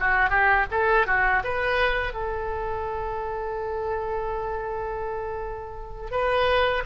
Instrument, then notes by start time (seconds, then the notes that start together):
oboe
0.00 F#4
0.30 G4
0.71 A4
1.07 F#4
1.44 B4
2.14 A4
6.11 B4